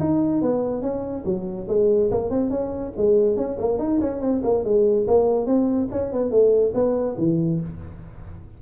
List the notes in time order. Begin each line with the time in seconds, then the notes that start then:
0.00 D#4
0.42 B3
0.82 C#4
1.25 F#3
1.68 G#3
2.11 A#3
2.30 C4
2.50 C#4
2.98 G#3
3.37 C#4
3.60 A#3
3.79 D#4
4.01 C#4
4.21 C4
4.43 A#3
4.65 G#3
5.08 A#3
5.46 C4
5.92 C#4
6.12 B3
6.31 A3
6.75 B3
7.18 E3